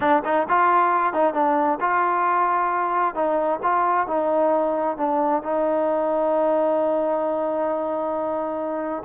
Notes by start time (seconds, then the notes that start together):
0.00 D4
0.24 D#4
0.48 F4
1.13 D#4
1.33 D4
1.80 F4
3.14 D#4
3.63 F4
4.07 D#4
4.97 D4
5.42 D#4